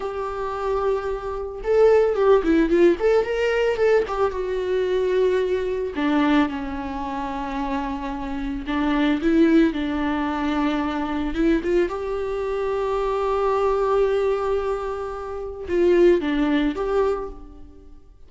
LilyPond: \new Staff \with { instrumentName = "viola" } { \time 4/4 \tempo 4 = 111 g'2. a'4 | g'8 e'8 f'8 a'8 ais'4 a'8 g'8 | fis'2. d'4 | cis'1 |
d'4 e'4 d'2~ | d'4 e'8 f'8 g'2~ | g'1~ | g'4 f'4 d'4 g'4 | }